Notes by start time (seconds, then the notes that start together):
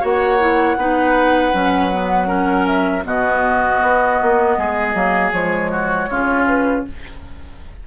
0.00 A#3 F#4 C#5 F#5
0.39 E4
0.76 B3 D#4 B4
1.53 F#3 C#4
1.92 B3
2.26 C#4 A#4
2.66 E5
3.04 B2 B3 F#4 D#5
3.81 B3
4.22 A#3
4.57 G#3 G#4
4.93 F#3 A#3
5.31 F3 G#3 C#5
5.71 F#4
6.09 C#3 C#4 F4
6.47 B4